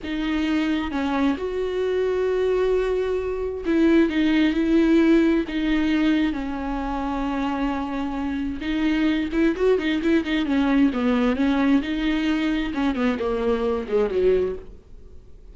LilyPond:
\new Staff \with { instrumentName = "viola" } { \time 4/4 \tempo 4 = 132 dis'2 cis'4 fis'4~ | fis'1 | e'4 dis'4 e'2 | dis'2 cis'2~ |
cis'2. dis'4~ | dis'8 e'8 fis'8 dis'8 e'8 dis'8 cis'4 | b4 cis'4 dis'2 | cis'8 b8 ais4. gis8 fis4 | }